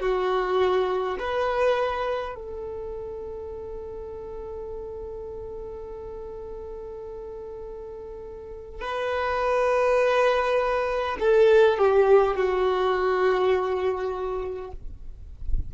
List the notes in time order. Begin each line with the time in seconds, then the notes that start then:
0.00 F#4
1.19 B4
2.35 A4
8.81 B4
11.20 A4
11.78 G4
12.36 F#4